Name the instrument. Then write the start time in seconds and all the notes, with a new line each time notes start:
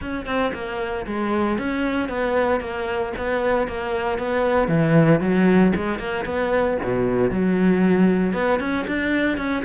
cello
0.01 C#4
0.25 C4
0.53 A#3
1.06 G#3
1.58 C#4
2.08 B3
2.60 A#3
3.17 B3
3.67 A#3
4.18 B3
4.68 E3
5.20 F#3
5.75 G#3
5.98 A#3
6.25 B3
6.83 B2
7.30 F#3
8.33 B3
8.59 C#4
8.87 D4
9.37 C#4